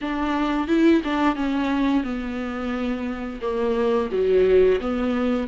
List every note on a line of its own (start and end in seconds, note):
0.01 0.67 D4
0.67 1.01 E4
1.04 1.35 D4
1.35 2.03 C#4
2.03 3.40 B3
3.41 4.09 A#3
4.11 4.79 F#3
4.80 5.47 B3